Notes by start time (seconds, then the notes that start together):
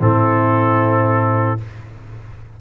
0.00 A2 C4 E4 A4